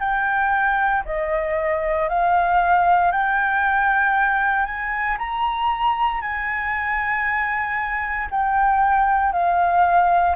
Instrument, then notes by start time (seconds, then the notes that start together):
flute
0.00 G5
1.05 D#5
2.09 F5
3.12 G5
4.66 G#5
5.18 A#5
6.21 G#5
8.31 G5
9.32 F5